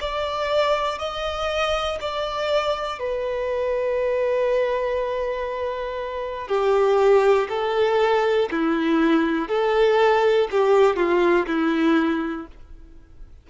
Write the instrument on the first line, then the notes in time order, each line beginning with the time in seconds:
violin
0.00 D5
0.99 D#5
2.00 D5
2.99 B4
6.47 G4
7.49 A4
8.51 E4
9.48 A4
10.50 G4
10.96 F4
11.46 E4